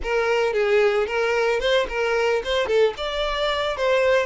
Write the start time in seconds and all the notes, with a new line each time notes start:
0.02 A#4
0.53 G#4
1.07 A#4
1.59 C5
1.88 A#4
2.44 C5
2.66 A4
2.97 D5
3.76 C5